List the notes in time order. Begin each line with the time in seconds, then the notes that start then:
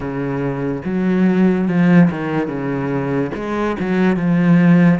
0.00 C#3
0.84 F#3
1.68 F3
2.10 D#3
2.47 C#3
3.34 G#3
3.79 F#3
4.16 F3